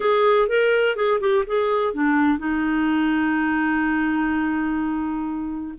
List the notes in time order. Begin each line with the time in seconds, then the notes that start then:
0.00 G#4
0.48 A#4
0.96 G#4
1.20 G4
1.46 G#4
1.93 D4
2.38 D#4